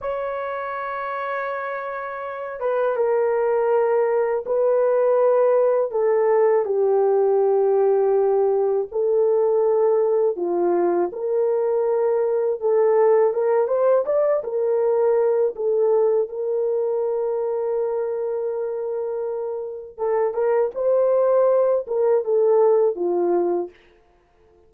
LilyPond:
\new Staff \with { instrumentName = "horn" } { \time 4/4 \tempo 4 = 81 cis''2.~ cis''8 b'8 | ais'2 b'2 | a'4 g'2. | a'2 f'4 ais'4~ |
ais'4 a'4 ais'8 c''8 d''8 ais'8~ | ais'4 a'4 ais'2~ | ais'2. a'8 ais'8 | c''4. ais'8 a'4 f'4 | }